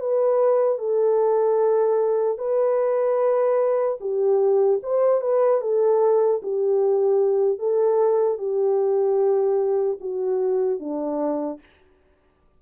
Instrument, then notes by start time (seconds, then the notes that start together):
horn
0.00 B4
0.79 A4
2.38 B4
4.00 G4
4.83 C5
5.21 B4
5.61 A4
6.42 G4
7.59 A4
8.38 G4
10.00 F#4
10.80 D4